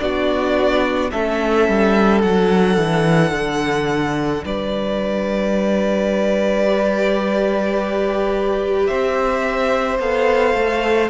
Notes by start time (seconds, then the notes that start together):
0.00 B3 D4 F#4 D5
1.12 A3 C#4 A4 E5
1.69 G3
2.22 F#3 D4 F#5
2.78 E3
3.32 D3
4.45 G3 B4 D5
6.67 G4
8.87 C4 C5 E5
9.99 B3 A4 F5
10.55 A3